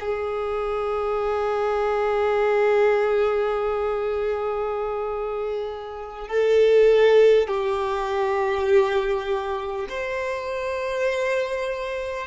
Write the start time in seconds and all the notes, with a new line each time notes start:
0.00 G#4
6.28 A4
7.48 G4
9.88 C5